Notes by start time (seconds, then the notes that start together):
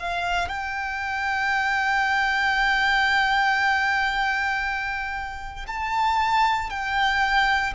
0.00 F5
0.49 G5
5.67 A5
6.70 G5